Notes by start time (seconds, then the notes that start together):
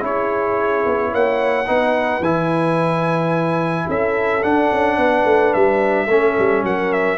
0.00 C#4 E4 G#4 C#5
0.86 B3
1.11 A#3 C#5 F#5
1.66 B3 D#4 B4
2.20 E3 E4 G#5
3.86 C#4 A4 E5
4.42 D4 F#5
4.72 C#4
4.97 B3 B4
5.25 A3
5.53 G3 E5
6.06 A3 C#4 A4
6.39 G3
6.63 F#3 A#4 F#5
6.93 E5